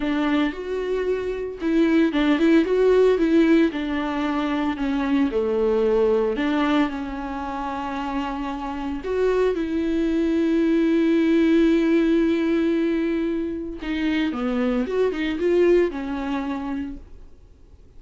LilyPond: \new Staff \with { instrumentName = "viola" } { \time 4/4 \tempo 4 = 113 d'4 fis'2 e'4 | d'8 e'8 fis'4 e'4 d'4~ | d'4 cis'4 a2 | d'4 cis'2.~ |
cis'4 fis'4 e'2~ | e'1~ | e'2 dis'4 b4 | fis'8 dis'8 f'4 cis'2 | }